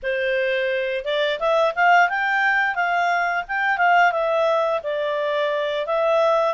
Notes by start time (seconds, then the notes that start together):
0.02 C5
1.04 D5
1.39 E5
1.75 F5
2.09 G5
2.75 F5
3.48 G5
3.77 F5
4.12 E5
4.83 D5
5.86 E5